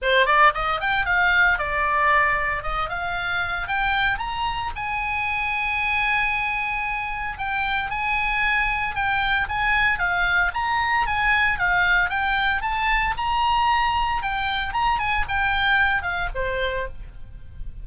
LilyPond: \new Staff \with { instrumentName = "oboe" } { \time 4/4 \tempo 4 = 114 c''8 d''8 dis''8 g''8 f''4 d''4~ | d''4 dis''8 f''4. g''4 | ais''4 gis''2.~ | gis''2 g''4 gis''4~ |
gis''4 g''4 gis''4 f''4 | ais''4 gis''4 f''4 g''4 | a''4 ais''2 g''4 | ais''8 gis''8 g''4. f''8 c''4 | }